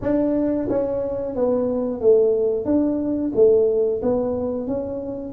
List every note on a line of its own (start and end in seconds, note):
0.02 0.68 D4
0.69 1.35 C#4
1.35 2.01 B3
2.01 2.65 A3
2.65 3.32 D4
3.35 4.02 A3
4.02 4.67 B3
4.67 5.32 C#4